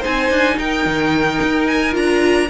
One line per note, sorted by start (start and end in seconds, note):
0.00 1.92 D#4
0.00 0.55 C5
0.00 0.59 G#5
0.06 0.31 C4
0.31 0.58 D4
0.58 0.85 D#4
0.58 2.49 A#4
0.58 1.67 G5
0.85 1.40 D#3
1.42 1.95 D#4
1.67 1.94 G#5
1.92 2.50 D4
1.92 2.46 F4
1.92 2.50 A#5